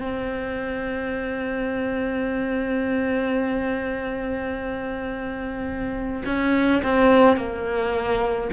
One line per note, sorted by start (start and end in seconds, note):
0.00 6.23 C4
6.25 6.82 C#4
6.83 7.36 C4
7.36 8.50 A#3